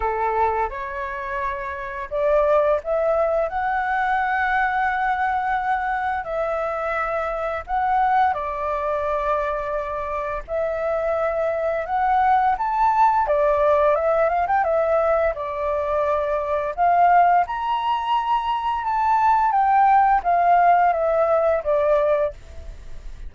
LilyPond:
\new Staff \with { instrumentName = "flute" } { \time 4/4 \tempo 4 = 86 a'4 cis''2 d''4 | e''4 fis''2.~ | fis''4 e''2 fis''4 | d''2. e''4~ |
e''4 fis''4 a''4 d''4 | e''8 f''16 g''16 e''4 d''2 | f''4 ais''2 a''4 | g''4 f''4 e''4 d''4 | }